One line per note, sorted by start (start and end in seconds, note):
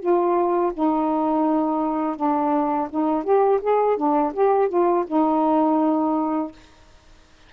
0.00 0.72 F4
0.74 2.17 D#4
2.17 2.89 D4
2.90 3.24 D#4
3.24 3.60 G4
3.62 3.97 G#4
3.97 4.33 D4
4.34 4.69 G4
4.69 5.05 F4
5.07 6.52 D#4